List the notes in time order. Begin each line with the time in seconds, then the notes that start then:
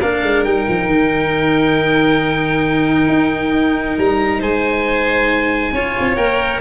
0.00 A#3 D4 A#4 F5
0.23 G#3
0.44 G3 D#4 G5
0.69 F3
0.87 D#3
3.09 D#4
3.98 G3 A#5
4.40 G#3 C5 G#5
5.72 C#4 F4 C#5
6.00 C4
6.17 A#3 A#4 G5